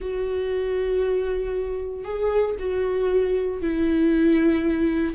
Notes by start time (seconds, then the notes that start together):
0.00 F#4
2.04 G#4
2.59 F#4
3.61 E4